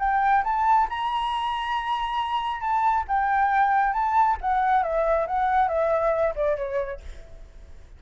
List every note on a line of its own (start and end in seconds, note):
0.00 0.44 G5
0.44 0.88 A5
0.90 2.61 A#5
2.61 3.05 A5
3.08 3.94 G5
3.94 4.38 A5
4.42 4.84 F#5
4.84 5.27 E5
5.27 5.69 F#5
5.69 6.34 E5
6.36 6.57 D5
6.57 7.01 C#5